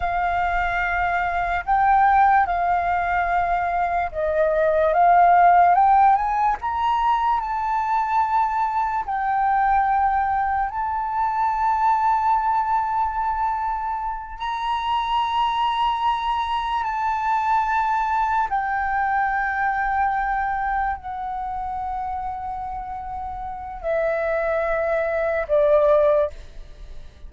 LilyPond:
\new Staff \with { instrumentName = "flute" } { \time 4/4 \tempo 4 = 73 f''2 g''4 f''4~ | f''4 dis''4 f''4 g''8 gis''8 | ais''4 a''2 g''4~ | g''4 a''2.~ |
a''4. ais''2~ ais''8~ | ais''8 a''2 g''4.~ | g''4. fis''2~ fis''8~ | fis''4 e''2 d''4 | }